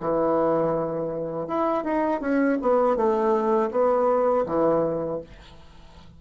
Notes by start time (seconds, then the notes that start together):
0.00 E3
1.47 E4
1.84 D#4
2.21 C#4
2.61 B3
2.96 A3
3.71 B3
4.46 E3